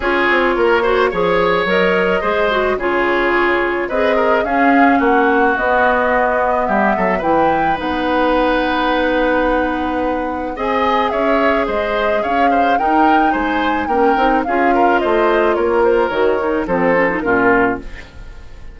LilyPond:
<<
  \new Staff \with { instrumentName = "flute" } { \time 4/4 \tempo 4 = 108 cis''2. dis''4~ | dis''4 cis''2 dis''4 | f''4 fis''4 dis''2 | e''4 g''4 fis''2~ |
fis''2. gis''4 | e''4 dis''4 f''4 g''4 | gis''4 g''4 f''4 dis''4 | cis''8 c''8 cis''4 c''4 ais'4 | }
  \new Staff \with { instrumentName = "oboe" } { \time 4/4 gis'4 ais'8 c''8 cis''2 | c''4 gis'2 b'8 ais'8 | gis'4 fis'2. | g'8 a'8 b'2.~ |
b'2. dis''4 | cis''4 c''4 cis''8 c''8 ais'4 | c''4 ais'4 gis'8 ais'8 c''4 | ais'2 a'4 f'4 | }
  \new Staff \with { instrumentName = "clarinet" } { \time 4/4 f'4. fis'8 gis'4 ais'4 | gis'8 fis'8 f'2 gis'4 | cis'2 b2~ | b4 e'4 dis'2~ |
dis'2. gis'4~ | gis'2. dis'4~ | dis'4 cis'8 dis'8 f'2~ | f'4 fis'8 dis'8 c'8 cis'16 dis'16 cis'4 | }
  \new Staff \with { instrumentName = "bassoon" } { \time 4/4 cis'8 c'8 ais4 f4 fis4 | gis4 cis2 c'4 | cis'4 ais4 b2 | g8 fis8 e4 b2~ |
b2. c'4 | cis'4 gis4 cis'4 dis'4 | gis4 ais8 c'8 cis'4 a4 | ais4 dis4 f4 ais,4 | }
>>